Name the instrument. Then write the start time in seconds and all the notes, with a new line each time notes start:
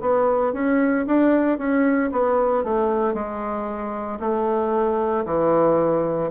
bassoon
0.00 B3
0.53 C#4
1.06 D4
1.57 C#4
2.11 B3
2.64 A3
3.13 G#3
4.19 A3
5.25 E3